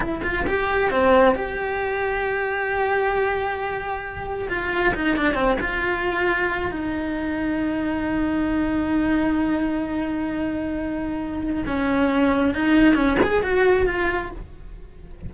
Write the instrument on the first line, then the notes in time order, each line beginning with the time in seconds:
cello
0.00 E4
0.23 F4
0.47 G4
0.90 C4
1.34 G4
4.49 F4
4.94 D#4
5.16 D4
5.34 C4
5.60 F4
6.71 D#4
11.66 C#4
12.54 D#4
12.94 C#4
13.22 G#4
13.42 F#4
13.86 F4